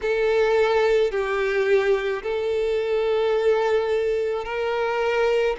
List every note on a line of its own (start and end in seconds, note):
0.02 1.11 A4
1.11 2.22 G4
2.22 4.44 A4
4.44 5.56 A#4